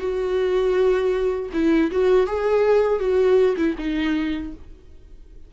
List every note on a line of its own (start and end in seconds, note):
0.00 1.50 F#4
1.53 1.91 E4
1.92 2.27 F#4
2.27 3.00 G#4
3.00 3.56 F#4
3.57 3.76 E4
3.78 4.53 D#4